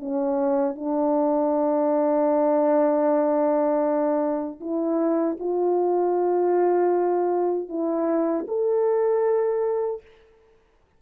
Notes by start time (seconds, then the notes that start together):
0.00 C#4
0.76 D4
4.61 E4
5.40 F4
7.69 E4
8.48 A4